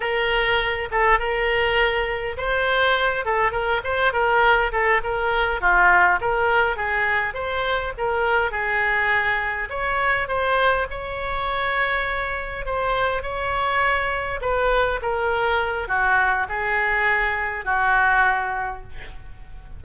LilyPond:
\new Staff \with { instrumentName = "oboe" } { \time 4/4 \tempo 4 = 102 ais'4. a'8 ais'2 | c''4. a'8 ais'8 c''8 ais'4 | a'8 ais'4 f'4 ais'4 gis'8~ | gis'8 c''4 ais'4 gis'4.~ |
gis'8 cis''4 c''4 cis''4.~ | cis''4. c''4 cis''4.~ | cis''8 b'4 ais'4. fis'4 | gis'2 fis'2 | }